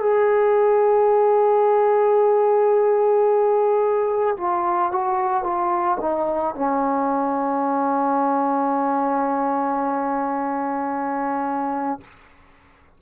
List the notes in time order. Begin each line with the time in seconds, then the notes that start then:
0.00 G#4
4.37 F4
4.91 F#4
5.43 F4
6.00 D#4
6.55 C#4